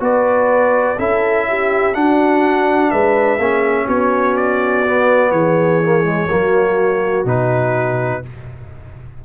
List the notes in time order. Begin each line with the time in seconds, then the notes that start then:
0.00 B3 F#4 B4 D5
0.98 C#4 E4 A4 E5
1.49 G4
1.94 D4 F#4 F#5
2.91 G#3 B4 E5
3.38 A#3 C#4 G#4
3.85 B3 F#4 C#5
4.36 D5
4.86 B3
5.31 E3 G#4 C#5
5.83 A#3
6.04 G#3
6.30 F#3 A#3 F#4
7.25 B2 D#4 B4